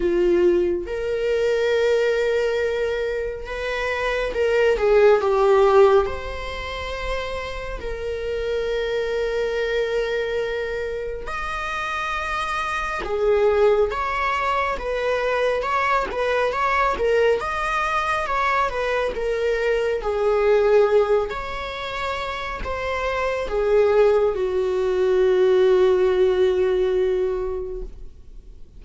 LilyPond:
\new Staff \with { instrumentName = "viola" } { \time 4/4 \tempo 4 = 69 f'4 ais'2. | b'4 ais'8 gis'8 g'4 c''4~ | c''4 ais'2.~ | ais'4 dis''2 gis'4 |
cis''4 b'4 cis''8 b'8 cis''8 ais'8 | dis''4 cis''8 b'8 ais'4 gis'4~ | gis'8 cis''4. c''4 gis'4 | fis'1 | }